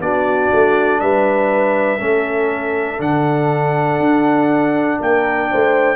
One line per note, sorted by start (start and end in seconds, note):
0.00 0.50 B3
0.00 1.98 D4
0.00 1.01 F#4
0.00 1.00 D5
0.52 1.01 A3
1.00 2.00 G3
1.00 1.98 B4
1.00 3.00 E5
1.98 2.99 A3
1.98 2.98 C#4
1.98 4.98 A4
2.98 3.99 D3
2.98 5.95 D4
2.98 5.01 F#5
3.99 4.99 D4
4.99 5.51 A#3
4.99 5.49 A#4
4.99 5.95 G5
5.51 5.95 A3
5.51 5.95 C5